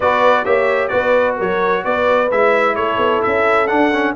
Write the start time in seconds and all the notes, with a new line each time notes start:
0.00 B3 F#4 B4 D5
0.44 A#3 G4 C#5 E5
0.88 B3 F#4 B4 D5
1.36 F#3 A#4 C#5
1.84 B3 B4 D5
2.31 G#3 E4 E5
2.75 A3 A4 C#5
2.97 B3
3.22 C#4 E5
3.67 D4 F#5
3.93 C#4